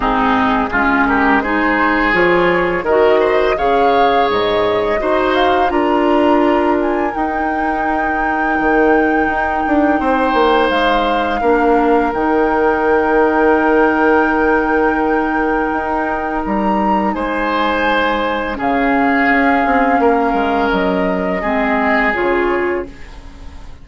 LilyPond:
<<
  \new Staff \with { instrumentName = "flute" } { \time 4/4 \tempo 4 = 84 gis'4. ais'8 c''4 cis''4 | dis''4 f''4 dis''4. f''8 | ais''4. gis''8 g''2~ | g''2. f''4~ |
f''4 g''2.~ | g''2. ais''4 | gis''2 f''2~ | f''4 dis''2 cis''4 | }
  \new Staff \with { instrumentName = "oboe" } { \time 4/4 dis'4 f'8 g'8 gis'2 | ais'8 c''8 cis''2 c''4 | ais'1~ | ais'2 c''2 |
ais'1~ | ais'1 | c''2 gis'2 | ais'2 gis'2 | }
  \new Staff \with { instrumentName = "clarinet" } { \time 4/4 c'4 cis'4 dis'4 f'4 | fis'4 gis'2 fis'4 | f'2 dis'2~ | dis'1 |
d'4 dis'2.~ | dis'1~ | dis'2 cis'2~ | cis'2 c'4 f'4 | }
  \new Staff \with { instrumentName = "bassoon" } { \time 4/4 gis,4 gis2 f4 | dis4 cis4 gis,4 dis'4 | d'2 dis'2 | dis4 dis'8 d'8 c'8 ais8 gis4 |
ais4 dis2.~ | dis2 dis'4 g4 | gis2 cis4 cis'8 c'8 | ais8 gis8 fis4 gis4 cis4 | }
>>